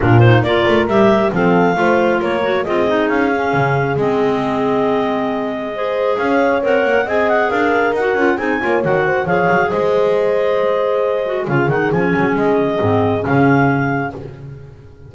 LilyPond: <<
  \new Staff \with { instrumentName = "clarinet" } { \time 4/4 \tempo 4 = 136 ais'8 c''8 d''4 e''4 f''4~ | f''4 cis''4 dis''4 f''4~ | f''4 dis''2.~ | dis''2 f''4 fis''4 |
gis''8 fis''8 f''4 fis''4 gis''4 | fis''4 f''4 dis''2~ | dis''2 f''8 fis''8 gis''4 | dis''2 f''2 | }
  \new Staff \with { instrumentName = "horn" } { \time 4/4 f'4 ais'2 a'4 | c''4 ais'4 gis'2~ | gis'1~ | gis'4 c''4 cis''2 |
dis''4 ais'2 gis'8 cis''8~ | cis''8 c''8 cis''4 c''2~ | c''2 gis'2~ | gis'1 | }
  \new Staff \with { instrumentName = "clarinet" } { \time 4/4 d'8 dis'8 f'4 g'4 c'4 | f'4. fis'8 f'8 dis'4 cis'8~ | cis'4 c'2.~ | c'4 gis'2 ais'4 |
gis'2 fis'8 f'8 dis'8 f'8 | fis'4 gis'2.~ | gis'4. fis'8 f'8 dis'8 cis'4~ | cis'4 c'4 cis'2 | }
  \new Staff \with { instrumentName = "double bass" } { \time 4/4 ais,4 ais8 a8 g4 f4 | a4 ais4 c'4 cis'4 | cis4 gis2.~ | gis2 cis'4 c'8 ais8 |
c'4 d'4 dis'8 cis'8 c'8 ais8 | dis4 f8 fis8 gis2~ | gis2 cis8 dis8 f8 fis8 | gis4 gis,4 cis2 | }
>>